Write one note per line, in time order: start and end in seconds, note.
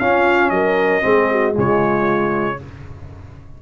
0.00 0.50 C#4
0.00 1.02 C#4
0.00 0.53 F4
0.00 0.50 F5
0.50 1.02 F#3
0.50 1.04 A#4
0.50 1.54 D#5
1.02 1.57 G#3
1.02 1.53 C4
1.02 1.31 G#4
1.31 1.54 F#4
1.53 2.61 C#3
1.53 2.57 G#3
1.53 2.58 F4
1.53 2.62 C#5